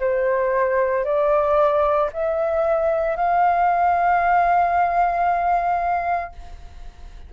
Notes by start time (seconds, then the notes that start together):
0.00 C5
1.05 D5
2.13 E5
3.16 F5